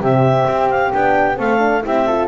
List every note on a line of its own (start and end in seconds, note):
0.00 0.46 C3
0.00 0.91 C4
0.00 1.37 G4
0.00 0.69 E5
0.47 0.93 C4
0.69 0.92 F5
0.93 1.39 B3
0.93 1.35 D4
0.93 1.38 G5
1.35 1.85 A3
1.35 1.57 C4
1.35 1.82 A4
1.35 1.84 F5
1.59 1.81 D4
1.83 2.27 C4
1.83 2.05 E4
1.83 2.07 G4
1.83 2.27 E5
2.07 2.27 F4
2.07 2.27 A4